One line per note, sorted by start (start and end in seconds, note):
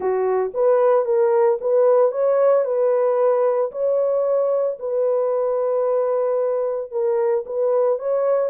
0.00 0.52 F#4
0.54 1.05 B4
1.05 1.58 A#4
1.60 2.11 B4
2.11 2.64 C#5
2.65 3.71 B4
3.71 4.77 C#5
4.79 6.91 B4
6.91 7.44 A#4
7.46 7.98 B4
7.98 8.50 C#5